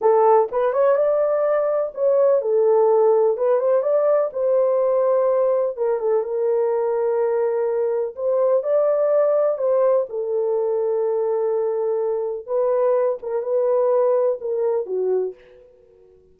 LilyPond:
\new Staff \with { instrumentName = "horn" } { \time 4/4 \tempo 4 = 125 a'4 b'8 cis''8 d''2 | cis''4 a'2 b'8 c''8 | d''4 c''2. | ais'8 a'8 ais'2.~ |
ais'4 c''4 d''2 | c''4 a'2.~ | a'2 b'4. ais'8 | b'2 ais'4 fis'4 | }